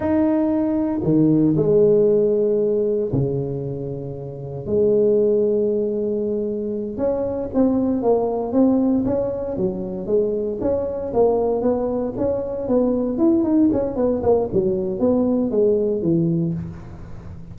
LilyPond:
\new Staff \with { instrumentName = "tuba" } { \time 4/4 \tempo 4 = 116 dis'2 dis4 gis4~ | gis2 cis2~ | cis4 gis2.~ | gis4. cis'4 c'4 ais8~ |
ais8 c'4 cis'4 fis4 gis8~ | gis8 cis'4 ais4 b4 cis'8~ | cis'8 b4 e'8 dis'8 cis'8 b8 ais8 | fis4 b4 gis4 e4 | }